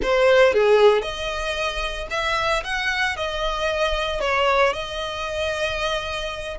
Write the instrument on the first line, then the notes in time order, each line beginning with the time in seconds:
violin
0.02 C5
0.53 G#4
1.01 D#5
2.10 E5
2.63 F#5
3.16 D#5
4.20 C#5
4.73 D#5